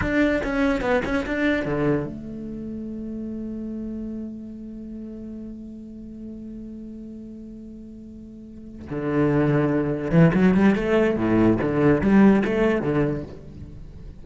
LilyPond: \new Staff \with { instrumentName = "cello" } { \time 4/4 \tempo 4 = 145 d'4 cis'4 b8 cis'8 d'4 | d4 a2.~ | a1~ | a1~ |
a1~ | a4. d2~ d8~ | d8 e8 fis8 g8 a4 a,4 | d4 g4 a4 d4 | }